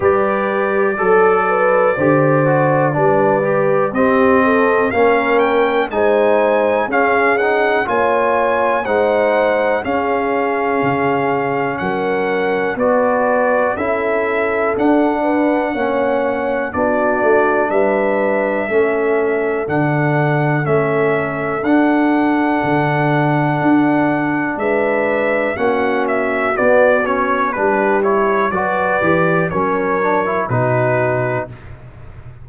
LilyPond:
<<
  \new Staff \with { instrumentName = "trumpet" } { \time 4/4 \tempo 4 = 61 d''1 | dis''4 f''8 g''8 gis''4 f''8 fis''8 | gis''4 fis''4 f''2 | fis''4 d''4 e''4 fis''4~ |
fis''4 d''4 e''2 | fis''4 e''4 fis''2~ | fis''4 e''4 fis''8 e''8 d''8 cis''8 | b'8 cis''8 d''4 cis''4 b'4 | }
  \new Staff \with { instrumentName = "horn" } { \time 4/4 b'4 a'8 b'8 c''4 b'4 | g'8 a'8 ais'4 c''4 gis'4 | cis''4 c''4 gis'2 | ais'4 b'4 a'4. b'8 |
cis''4 fis'4 b'4 a'4~ | a'1~ | a'4 b'4 fis'2 | g'4 b'4 ais'4 fis'4 | }
  \new Staff \with { instrumentName = "trombone" } { \time 4/4 g'4 a'4 g'8 fis'8 d'8 g'8 | c'4 cis'4 dis'4 cis'8 dis'8 | f'4 dis'4 cis'2~ | cis'4 fis'4 e'4 d'4 |
cis'4 d'2 cis'4 | d'4 cis'4 d'2~ | d'2 cis'4 b8 cis'8 | d'8 e'8 fis'8 g'8 cis'8 d'16 e'16 dis'4 | }
  \new Staff \with { instrumentName = "tuba" } { \time 4/4 g4 fis4 d4 g4 | c'4 ais4 gis4 cis'4 | ais4 gis4 cis'4 cis4 | fis4 b4 cis'4 d'4 |
ais4 b8 a8 g4 a4 | d4 a4 d'4 d4 | d'4 gis4 ais4 b4 | g4 fis8 e8 fis4 b,4 | }
>>